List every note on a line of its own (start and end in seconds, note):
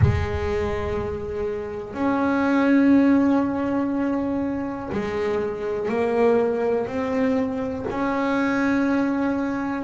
0.01 1.94 G#3
1.94 4.89 C#4
4.92 5.88 G#3
5.88 6.87 A#3
6.87 7.85 C4
7.90 9.83 C#4